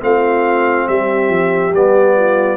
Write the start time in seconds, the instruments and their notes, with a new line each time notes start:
0.00 tuba A3, trombone C4, horn F4, trumpet F5
0.88 tuba G3, horn G4, trumpet E5
1.29 tuba F3
1.73 tuba G3, trombone B3, trumpet D5
2.16 horn F4